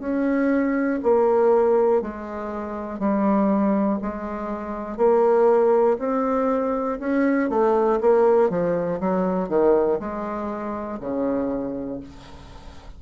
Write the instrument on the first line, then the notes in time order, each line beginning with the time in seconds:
bassoon
0.00 C#4
1.03 A#3
2.02 G#3
3.00 G3
4.02 G#3
4.98 A#3
6.00 C4
7.00 C#4
7.50 A3
8.01 A#3
8.50 F3
9.01 F#3
9.50 D#3
10.00 G#3
11.00 C#3